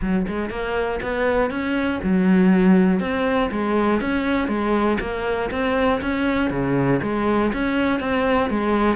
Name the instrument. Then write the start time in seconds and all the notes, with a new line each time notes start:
cello
0.01 F#3
0.27 G#3
0.50 A#3
1.02 B3
1.50 C#4
2.02 F#3
3.00 C4
3.51 G#3
4.00 C#4
4.47 G#3
5.00 A#3
5.50 C4
6.01 C#4
6.50 C#3
7.02 G#3
7.52 C#4
8.00 C4
8.50 G#3